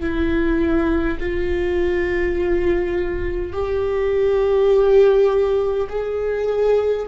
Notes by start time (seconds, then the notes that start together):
0.00 E4
1.19 F4
3.52 G4
5.89 G#4